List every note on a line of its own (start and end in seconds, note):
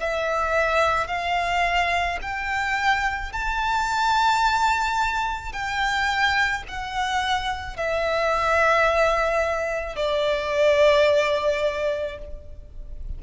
0.00 1.08 E5
1.08 2.19 F5
2.22 3.33 G5
3.33 5.53 A5
5.53 6.64 G5
6.68 7.77 F#5
7.77 9.96 E5
9.96 12.18 D5